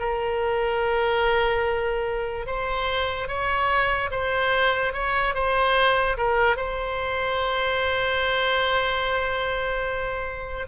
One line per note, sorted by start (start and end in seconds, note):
0.00 2.47 A#4
2.47 3.28 C5
3.28 4.10 C#5
4.11 4.93 C5
4.94 5.35 C#5
5.35 6.17 C5
6.18 6.57 A#4
6.57 10.68 C5